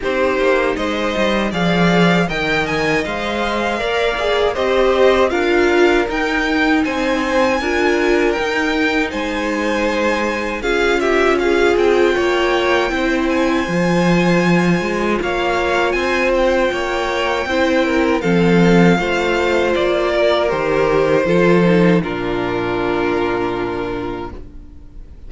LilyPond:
<<
  \new Staff \with { instrumentName = "violin" } { \time 4/4 \tempo 4 = 79 c''4 dis''4 f''4 g''8 gis''8 | f''2 dis''4 f''4 | g''4 gis''2 g''4 | gis''2 f''8 e''8 f''8 g''8~ |
g''4. gis''2~ gis''8 | f''4 gis''8 g''2~ g''8 | f''2 d''4 c''4~ | c''4 ais'2. | }
  \new Staff \with { instrumentName = "violin" } { \time 4/4 g'4 c''4 d''4 dis''4~ | dis''4 d''4 c''4 ais'4~ | ais'4 c''4 ais'2 | c''2 gis'8 g'8 gis'4 |
cis''4 c''2. | cis''4 c''4 cis''4 c''8 ais'8 | a'4 c''4. ais'4. | a'4 f'2. | }
  \new Staff \with { instrumentName = "viola" } { \time 4/4 dis'2 gis'4 ais'4 | c''4 ais'8 gis'8 g'4 f'4 | dis'2 f'4 dis'4~ | dis'2 f'2~ |
f'4 e'4 f'2~ | f'2. e'4 | c'4 f'2 g'4 | f'8 dis'8 d'2. | }
  \new Staff \with { instrumentName = "cello" } { \time 4/4 c'8 ais8 gis8 g8 f4 dis4 | gis4 ais4 c'4 d'4 | dis'4 c'4 d'4 dis'4 | gis2 cis'4. c'8 |
ais4 c'4 f4. gis8 | ais4 c'4 ais4 c'4 | f4 a4 ais4 dis4 | f4 ais,2. | }
>>